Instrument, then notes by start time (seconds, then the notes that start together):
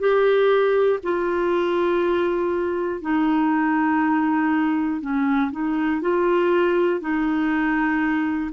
clarinet
0.00 G4
1.04 F4
3.02 D#4
5.01 C#4
5.52 D#4
6.02 F4
7.01 D#4